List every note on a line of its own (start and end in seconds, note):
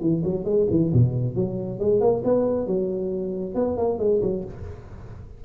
0.00 0.22 E3
0.24 0.44 F#3
0.44 0.66 G#3
0.70 0.92 E3
0.93 1.35 B2
1.35 1.79 F#3
1.79 2.00 G#3
2.00 2.22 A#3
2.24 2.66 B3
2.66 3.54 F#3
3.54 3.76 B3
3.77 3.98 A#3
3.98 4.21 G#3
4.22 4.44 F#3